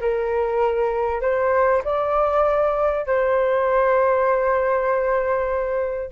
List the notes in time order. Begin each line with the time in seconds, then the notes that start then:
0.00 A#4
1.21 C5
1.84 D5
3.06 C5